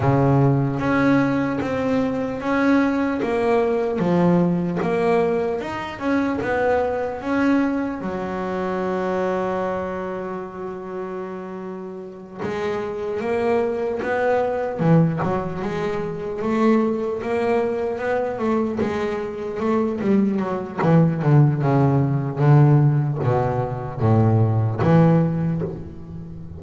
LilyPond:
\new Staff \with { instrumentName = "double bass" } { \time 4/4 \tempo 4 = 75 cis4 cis'4 c'4 cis'4 | ais4 f4 ais4 dis'8 cis'8 | b4 cis'4 fis2~ | fis2.~ fis8 gis8~ |
gis8 ais4 b4 e8 fis8 gis8~ | gis8 a4 ais4 b8 a8 gis8~ | gis8 a8 g8 fis8 e8 d8 cis4 | d4 b,4 a,4 e4 | }